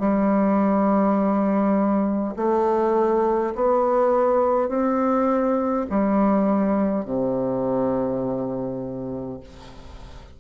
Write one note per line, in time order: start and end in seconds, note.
0.00 2.35 G3
2.37 3.55 A3
3.56 4.69 B3
4.69 5.87 C4
5.90 7.05 G3
7.05 9.41 C3